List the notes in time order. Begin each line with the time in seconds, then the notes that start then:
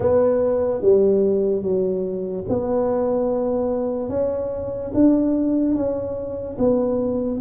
0.00 B3
0.81 G3
1.62 F#3
2.48 B3
4.09 C#4
4.94 D4
5.75 C#4
6.58 B3